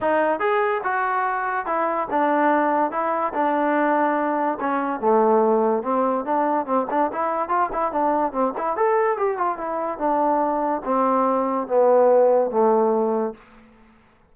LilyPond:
\new Staff \with { instrumentName = "trombone" } { \time 4/4 \tempo 4 = 144 dis'4 gis'4 fis'2 | e'4 d'2 e'4 | d'2. cis'4 | a2 c'4 d'4 |
c'8 d'8 e'4 f'8 e'8 d'4 | c'8 e'8 a'4 g'8 f'8 e'4 | d'2 c'2 | b2 a2 | }